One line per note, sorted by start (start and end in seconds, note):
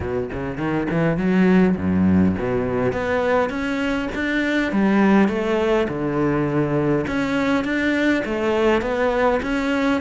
0.00 0.29 B2
0.33 0.57 C#3
0.57 0.87 D#3
0.90 1.17 E3
1.17 1.76 F#3
1.76 2.35 F#2
2.38 2.92 B2
2.92 3.49 B3
3.49 4.08 C#4
4.14 4.72 D4
4.72 5.28 G3
5.28 5.87 A3
5.88 7.06 D3
7.07 7.64 C#4
7.64 8.23 D4
8.25 8.81 A3
8.81 9.40 B3
9.42 10.01 C#4